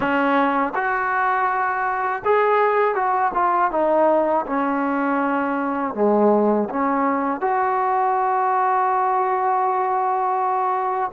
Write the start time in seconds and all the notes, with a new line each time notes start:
0.00 C#4
0.74 F#4
2.25 G#4
2.94 F#4
3.34 F4
3.71 D#4
4.46 C#4
5.94 G#3
6.69 C#4
7.40 F#4